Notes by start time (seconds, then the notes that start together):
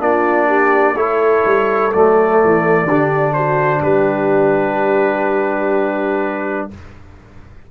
0.00 A#3 D4 F4 D5
0.48 G4
0.94 A3 E4 A4 C#5
1.45 G3
1.92 F#3 A3 D5
2.44 E3
2.85 D3 D4 G4
3.34 F#4 C5
3.81 G3 G4 B4